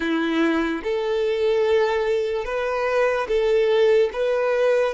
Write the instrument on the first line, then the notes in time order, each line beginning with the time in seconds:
violin
0.00 E4
0.83 A4
2.44 B4
3.28 A4
4.12 B4